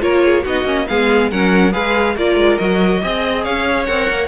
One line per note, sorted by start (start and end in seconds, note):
0.00 0.45 A#3
0.00 0.43 F4
0.00 0.24 A#4
0.00 0.44 C#5
0.25 0.42 G#4
0.42 0.64 B3
0.42 0.65 D#4
0.42 0.85 F#4
0.42 0.87 D#5
0.64 0.86 A#3
0.64 0.86 C#4
0.87 1.31 G#3
0.87 1.31 B3
0.87 1.31 G#4
0.87 1.30 F5
1.31 1.74 F#3
1.31 1.72 C#4
1.31 1.72 A#4
1.31 1.73 F#5
1.72 2.16 G#3
1.72 2.15 G#4
1.72 2.15 B4
1.72 2.16 F5
2.16 2.36 A#3
2.16 2.60 F4
2.16 3.02 A#4
2.16 2.58 D5
2.36 2.57 G#3
2.58 3.03 F#3
2.58 3.02 F#4
2.58 3.44 D#5
3.02 3.47 C4
3.02 3.87 G#4
3.02 3.44 D#5
3.44 3.88 C#4
3.44 4.28 C#5
3.44 3.85 F5
3.85 4.10 C4
3.85 4.28 A#4
3.85 4.28 F#5
4.10 4.28 A#3